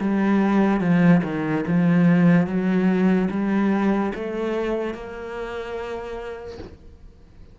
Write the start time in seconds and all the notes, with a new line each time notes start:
0.00 G3
0.80 F3
1.23 D#3
1.67 F3
2.47 F#3
3.31 G3
4.15 A3
4.94 A#3